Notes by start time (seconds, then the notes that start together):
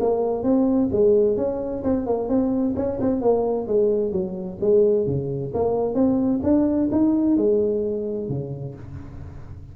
0.00 A#3
0.43 C4
0.92 G#3
1.37 C#4
1.84 C4
2.07 A#3
2.29 C4
2.76 C#4
3.00 C4
3.21 A#3
3.68 G#3
4.12 F#3
4.61 G#3
5.07 C#3
5.54 A#3
5.95 C4
6.43 D4
6.92 D#4
7.37 G#3
8.29 C#3